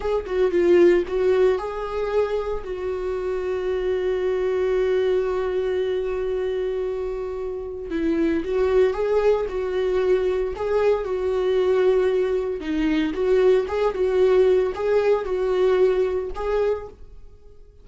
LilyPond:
\new Staff \with { instrumentName = "viola" } { \time 4/4 \tempo 4 = 114 gis'8 fis'8 f'4 fis'4 gis'4~ | gis'4 fis'2.~ | fis'1~ | fis'2. e'4 |
fis'4 gis'4 fis'2 | gis'4 fis'2. | dis'4 fis'4 gis'8 fis'4. | gis'4 fis'2 gis'4 | }